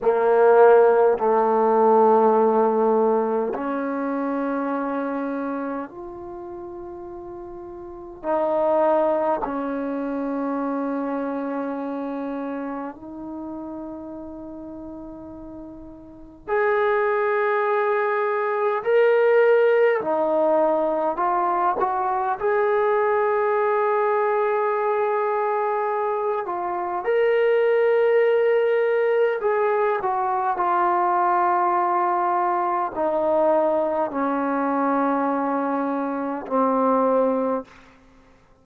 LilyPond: \new Staff \with { instrumentName = "trombone" } { \time 4/4 \tempo 4 = 51 ais4 a2 cis'4~ | cis'4 f'2 dis'4 | cis'2. dis'4~ | dis'2 gis'2 |
ais'4 dis'4 f'8 fis'8 gis'4~ | gis'2~ gis'8 f'8 ais'4~ | ais'4 gis'8 fis'8 f'2 | dis'4 cis'2 c'4 | }